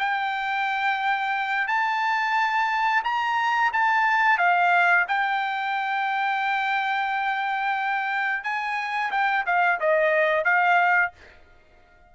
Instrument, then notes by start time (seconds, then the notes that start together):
trumpet
0.00 G5
1.68 A5
3.05 A#5
3.74 A5
4.39 F5
5.08 G5
8.44 G#5
9.12 G5
9.47 F5
9.80 D#5
10.45 F5